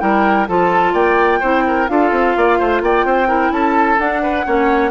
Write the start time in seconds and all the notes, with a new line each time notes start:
0.00 G3 E4 A#4 G5
0.48 F3 F4 A4 A5
0.93 A#3 D5 G5
1.40 C4 E4 C5
1.67 A#4
1.88 D4 F4 A4 F5
2.12 C4
2.37 A#3 D5
2.59 A3 C5
2.81 A#3 D5 G5
3.05 C4 C5
3.27 E4 A#4
3.51 C#4 A4 A5
3.99 D4 F#5
4.22 B4
4.46 A#3 C#4 C#5